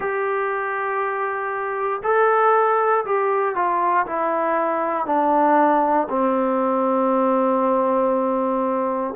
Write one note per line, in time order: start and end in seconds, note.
0.00 2.01 G4
2.03 3.05 A4
3.05 3.55 G4
3.55 4.05 F4
4.06 5.06 E4
5.06 6.07 D4
6.09 9.14 C4